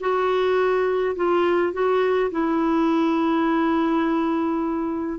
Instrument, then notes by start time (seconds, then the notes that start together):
clarinet
0.00 F#4
1.16 F4
1.73 F#4
2.31 E4